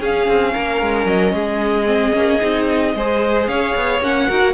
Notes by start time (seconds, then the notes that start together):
0.00 C#4 G#4 F5
0.28 C4
0.53 A#3 A#4
0.81 G#3
1.06 F#3 D#5
1.33 G#3 G#4
1.86 C4
2.13 A#3 C#4
2.41 C4 D#4
2.95 G#3 G#4 C5
3.47 C#4 C#5 F5
3.75 B3
4.01 A#3 C#4 F#5
4.27 D#4 F#4 A#4
4.41 A#3